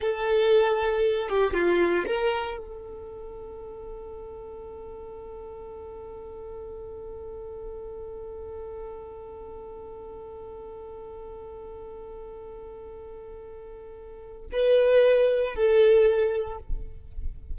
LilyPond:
\new Staff \with { instrumentName = "violin" } { \time 4/4 \tempo 4 = 116 a'2~ a'8 g'8 f'4 | ais'4 a'2.~ | a'1~ | a'1~ |
a'1~ | a'1~ | a'1 | b'2 a'2 | }